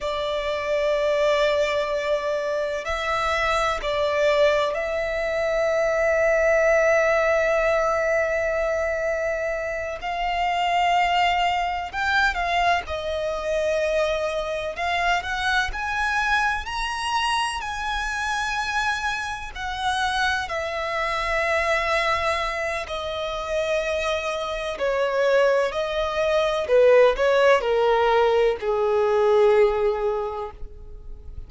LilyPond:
\new Staff \with { instrumentName = "violin" } { \time 4/4 \tempo 4 = 63 d''2. e''4 | d''4 e''2.~ | e''2~ e''8 f''4.~ | f''8 g''8 f''8 dis''2 f''8 |
fis''8 gis''4 ais''4 gis''4.~ | gis''8 fis''4 e''2~ e''8 | dis''2 cis''4 dis''4 | b'8 cis''8 ais'4 gis'2 | }